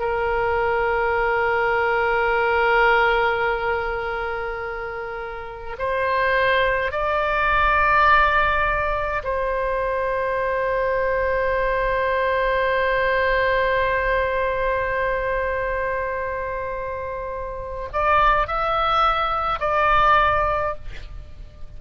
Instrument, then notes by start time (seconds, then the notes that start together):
oboe
0.00 A#4
5.79 C5
6.92 D5
9.24 C5
17.93 D5
18.48 E5
19.60 D5